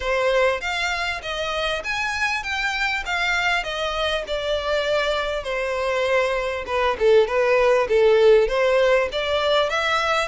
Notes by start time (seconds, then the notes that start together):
0.00 C5
0.60 F5
1.22 D#5
1.83 G#5
2.43 G5
3.05 F5
3.63 D#5
4.27 D5
5.43 C5
6.66 B4
6.99 A4
7.27 B4
7.88 A4
8.48 C5
9.12 D5
9.69 E5